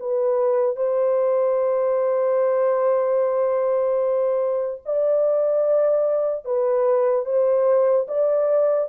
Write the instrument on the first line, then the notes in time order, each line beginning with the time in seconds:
horn
0.00 B4
0.76 C5
4.86 D5
6.45 B4
7.25 C5
8.08 D5